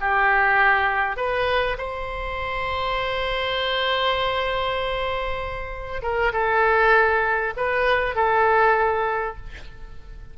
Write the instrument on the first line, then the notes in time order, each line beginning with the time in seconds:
oboe
0.00 G4
1.16 B4
1.77 C5
6.02 A#4
6.32 A4
7.56 B4
8.15 A4